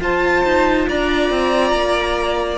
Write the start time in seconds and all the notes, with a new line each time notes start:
0.00 F4 C5 A5
0.44 D#4
0.88 D4 D5 A#5
1.30 C4
1.71 A#3